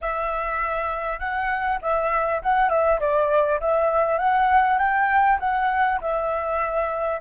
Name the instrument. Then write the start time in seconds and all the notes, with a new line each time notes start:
flute
0.01 E5
1.19 F#5
1.81 E5
2.42 F#5
2.69 E5
3.00 D5
3.60 E5
4.18 F#5
4.78 G5
5.39 F#5
6.00 E5